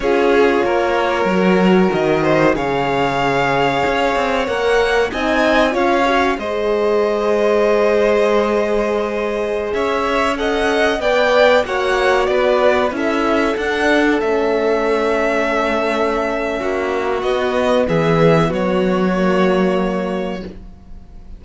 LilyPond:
<<
  \new Staff \with { instrumentName = "violin" } { \time 4/4 \tempo 4 = 94 cis''2. dis''4 | f''2. fis''4 | gis''4 f''4 dis''2~ | dis''2.~ dis''16 e''8.~ |
e''16 fis''4 g''4 fis''4 d''8.~ | d''16 e''4 fis''4 e''4.~ e''16~ | e''2. dis''4 | e''4 cis''2. | }
  \new Staff \with { instrumentName = "violin" } { \time 4/4 gis'4 ais'2~ ais'8 c''8 | cis''1 | dis''4 cis''4 c''2~ | c''2.~ c''16 cis''8.~ |
cis''16 dis''4 d''4 cis''4 b'8.~ | b'16 a'2.~ a'8.~ | a'2 fis'2 | gis'4 fis'2. | }
  \new Staff \with { instrumentName = "horn" } { \time 4/4 f'2 fis'2 | gis'2. ais'4 | dis'4 f'8 fis'8 gis'2~ | gis'1~ |
gis'16 a'4 b'4 fis'4.~ fis'16~ | fis'16 e'4 d'4 cis'4.~ cis'16~ | cis'2. b4~ | b2 ais2 | }
  \new Staff \with { instrumentName = "cello" } { \time 4/4 cis'4 ais4 fis4 dis4 | cis2 cis'8 c'8 ais4 | c'4 cis'4 gis2~ | gis2.~ gis16 cis'8.~ |
cis'4~ cis'16 b4 ais4 b8.~ | b16 cis'4 d'4 a4.~ a16~ | a2 ais4 b4 | e4 fis2. | }
>>